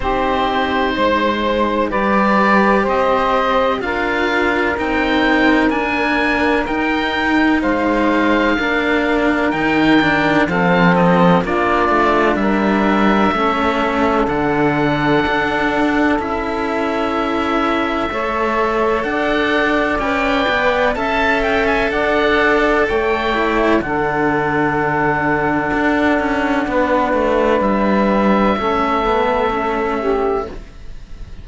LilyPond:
<<
  \new Staff \with { instrumentName = "oboe" } { \time 4/4 \tempo 4 = 63 c''2 d''4 dis''4 | f''4 g''4 gis''4 g''4 | f''2 g''4 f''8 dis''8 | d''4 e''2 fis''4~ |
fis''4 e''2. | fis''4 g''4 a''8 g''16 gis''16 fis''4 | g''4 fis''2.~ | fis''4 e''2. | }
  \new Staff \with { instrumentName = "saxophone" } { \time 4/4 g'4 c''4 b'4 c''4 | ais'1 | c''4 ais'2 a'4 | f'4 ais'4 a'2~ |
a'2. cis''4 | d''2 e''4 d''4 | cis''4 a'2. | b'2 a'4. g'8 | }
  \new Staff \with { instrumentName = "cello" } { \time 4/4 dis'2 g'2 | f'4 dis'4 d'4 dis'4~ | dis'4 d'4 dis'8 d'8 c'4 | d'2 cis'4 d'4~ |
d'4 e'2 a'4~ | a'4 b'4 a'2~ | a'8 e'8 d'2.~ | d'2 cis'8 b8 cis'4 | }
  \new Staff \with { instrumentName = "cello" } { \time 4/4 c'4 gis4 g4 c'4 | d'4 c'4 ais4 dis'4 | gis4 ais4 dis4 f4 | ais8 a8 g4 a4 d4 |
d'4 cis'2 a4 | d'4 cis'8 b8 cis'4 d'4 | a4 d2 d'8 cis'8 | b8 a8 g4 a2 | }
>>